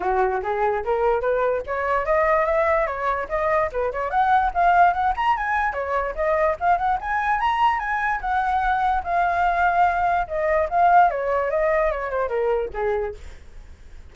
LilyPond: \new Staff \with { instrumentName = "flute" } { \time 4/4 \tempo 4 = 146 fis'4 gis'4 ais'4 b'4 | cis''4 dis''4 e''4 cis''4 | dis''4 b'8 cis''8 fis''4 f''4 | fis''8 ais''8 gis''4 cis''4 dis''4 |
f''8 fis''8 gis''4 ais''4 gis''4 | fis''2 f''2~ | f''4 dis''4 f''4 cis''4 | dis''4 cis''8 c''8 ais'4 gis'4 | }